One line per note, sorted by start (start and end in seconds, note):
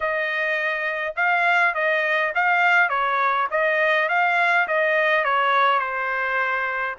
0.00 1.14 D#5
1.16 1.74 F5
1.74 2.32 D#5
2.34 2.89 F5
2.89 3.47 C#5
3.51 4.09 D#5
4.09 4.67 F5
4.67 5.24 D#5
5.24 5.79 C#5
5.79 6.95 C5